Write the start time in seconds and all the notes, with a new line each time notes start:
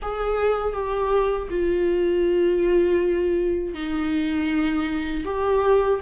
0.01 G#4
0.73 G4
1.50 F4
3.74 D#4
5.25 G4